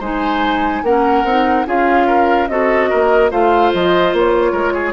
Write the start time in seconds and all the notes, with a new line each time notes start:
0.00 G#3 D#4 C5 G#5
0.83 A#3 C#4 A#4 F#5
1.24 C4 D#4
1.66 C#4 F4 G#4 F5
2.07 A#4
2.49 C4 F#4 A4 D#5
2.90 A#3 A#4
3.31 A3 F4 C5 F5
3.74 F3 D#5
4.13 A#3 C#5
4.53 G#3 A#4
4.74 G#4